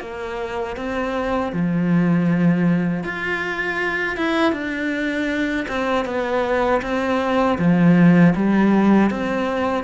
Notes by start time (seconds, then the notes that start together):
0.00 A#3
0.76 C4
1.52 F3
3.03 F4
4.17 E4
4.52 D4
5.68 C4
6.05 B3
6.82 C4
7.58 F3
8.35 G3
9.10 C4